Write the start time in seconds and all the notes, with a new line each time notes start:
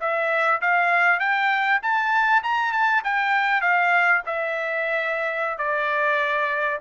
0.00 E5
0.61 F5
1.19 G5
1.82 A5
2.43 A#5
2.72 A5
3.04 G5
3.61 F5
4.26 E5
5.58 D5